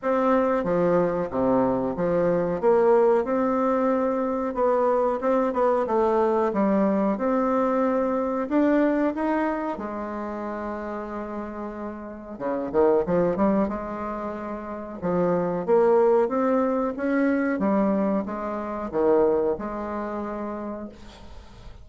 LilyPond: \new Staff \with { instrumentName = "bassoon" } { \time 4/4 \tempo 4 = 92 c'4 f4 c4 f4 | ais4 c'2 b4 | c'8 b8 a4 g4 c'4~ | c'4 d'4 dis'4 gis4~ |
gis2. cis8 dis8 | f8 g8 gis2 f4 | ais4 c'4 cis'4 g4 | gis4 dis4 gis2 | }